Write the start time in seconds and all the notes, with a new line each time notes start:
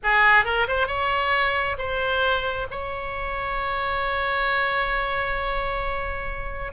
0.03 G#4
0.45 A#4
0.67 C5
0.87 C#5
1.77 C5
2.70 C#5